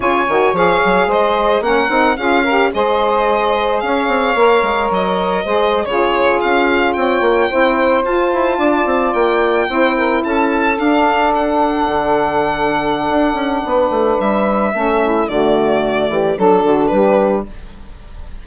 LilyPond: <<
  \new Staff \with { instrumentName = "violin" } { \time 4/4 \tempo 4 = 110 gis''4 f''4 dis''4 fis''4 | f''4 dis''2 f''4~ | f''4 dis''4.~ dis''16 cis''4 f''16~ | f''8. g''2 a''4~ a''16~ |
a''8. g''2 a''4 f''16~ | f''8. fis''2.~ fis''16~ | fis''2 e''2 | d''2 a'4 b'4 | }
  \new Staff \with { instrumentName = "saxophone" } { \time 4/4 cis''2 c''4 ais'4 | gis'8 ais'8 c''2 cis''4~ | cis''2 c''8. gis'4~ gis'16~ | gis'8. cis''4 c''2 d''16~ |
d''4.~ d''16 c''8 ais'8 a'4~ a'16~ | a'1~ | a'4 b'2 a'8 e'8 | fis'4. g'8 a'8 fis'8 g'4 | }
  \new Staff \with { instrumentName = "saxophone" } { \time 4/4 f'8 fis'8 gis'2 cis'8 dis'8 | f'8 g'8 gis'2. | ais'2 gis'8. f'4~ f'16~ | f'4.~ f'16 e'4 f'4~ f'16~ |
f'4.~ f'16 e'2 d'16~ | d'1~ | d'2. cis'4 | a2 d'2 | }
  \new Staff \with { instrumentName = "bassoon" } { \time 4/4 cis8 dis8 f8 fis8 gis4 ais8 c'8 | cis'4 gis2 cis'8 c'8 | ais8 gis8 fis4 gis8. cis4 cis'16~ | cis'8. c'8 ais8 c'4 f'8 e'8 d'16~ |
d'16 c'8 ais4 c'4 cis'4 d'16~ | d'4.~ d'16 d2~ d16 | d'8 cis'8 b8 a8 g4 a4 | d4. e8 fis8 d8 g4 | }
>>